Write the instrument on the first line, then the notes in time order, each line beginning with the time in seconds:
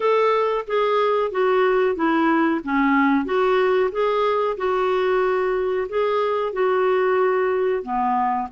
clarinet
0.00 A4
0.67 G#4
1.31 F#4
1.95 E4
2.64 C#4
3.25 F#4
3.91 G#4
4.57 F#4
5.88 G#4
6.52 F#4
7.82 B3